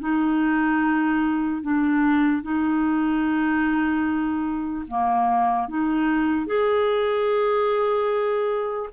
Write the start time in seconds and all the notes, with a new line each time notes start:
0.00 D#4
1.62 D4
2.43 D#4
4.88 A#3
5.69 D#4
6.47 G#4